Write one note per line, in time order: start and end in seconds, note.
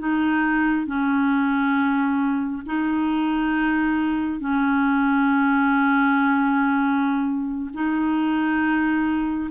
0.00 0.87 D#4
0.87 2.63 C#4
2.67 4.40 D#4
4.40 7.71 C#4
7.74 9.51 D#4